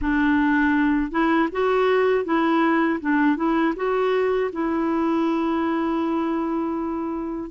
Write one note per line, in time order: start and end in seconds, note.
0.01 1.11 D4
1.11 1.48 E4
1.52 2.24 F#4
2.24 2.99 E4
3.00 3.36 D4
3.36 3.73 E4
3.75 4.50 F#4
4.52 7.50 E4